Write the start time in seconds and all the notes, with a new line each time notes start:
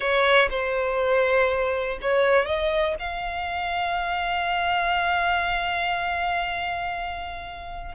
0.00 C#5
0.50 C5
2.01 C#5
2.45 D#5
2.99 F5